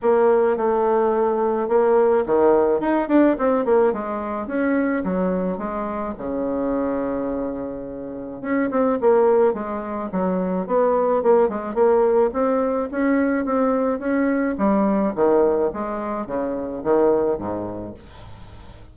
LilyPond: \new Staff \with { instrumentName = "bassoon" } { \time 4/4 \tempo 4 = 107 ais4 a2 ais4 | dis4 dis'8 d'8 c'8 ais8 gis4 | cis'4 fis4 gis4 cis4~ | cis2. cis'8 c'8 |
ais4 gis4 fis4 b4 | ais8 gis8 ais4 c'4 cis'4 | c'4 cis'4 g4 dis4 | gis4 cis4 dis4 gis,4 | }